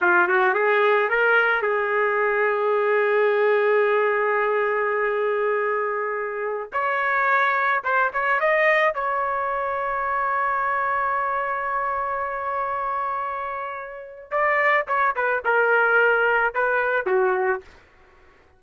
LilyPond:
\new Staff \with { instrumentName = "trumpet" } { \time 4/4 \tempo 4 = 109 f'8 fis'8 gis'4 ais'4 gis'4~ | gis'1~ | gis'1~ | gis'16 cis''2 c''8 cis''8 dis''8.~ |
dis''16 cis''2.~ cis''8.~ | cis''1~ | cis''2 d''4 cis''8 b'8 | ais'2 b'4 fis'4 | }